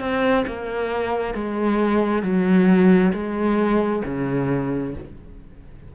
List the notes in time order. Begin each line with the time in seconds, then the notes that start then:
0.00 C4
0.47 A#3
1.35 G#3
2.23 F#3
3.13 G#3
4.05 C#3